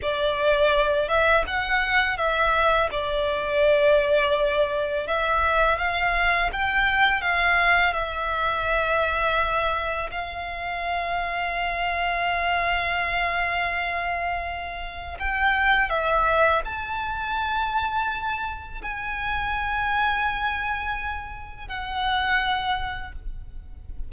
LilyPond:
\new Staff \with { instrumentName = "violin" } { \time 4/4 \tempo 4 = 83 d''4. e''8 fis''4 e''4 | d''2. e''4 | f''4 g''4 f''4 e''4~ | e''2 f''2~ |
f''1~ | f''4 g''4 e''4 a''4~ | a''2 gis''2~ | gis''2 fis''2 | }